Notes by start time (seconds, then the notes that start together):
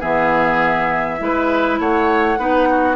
0.00 E3 B3 G#4 E5
1.19 G#3 E4 B4
1.79 A3 C#5 F#5
2.38 B3 D#4 B4
2.70 F#4